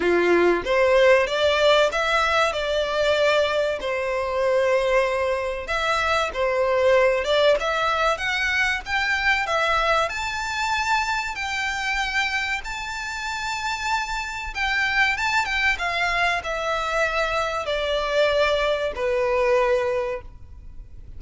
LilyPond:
\new Staff \with { instrumentName = "violin" } { \time 4/4 \tempo 4 = 95 f'4 c''4 d''4 e''4 | d''2 c''2~ | c''4 e''4 c''4. d''8 | e''4 fis''4 g''4 e''4 |
a''2 g''2 | a''2. g''4 | a''8 g''8 f''4 e''2 | d''2 b'2 | }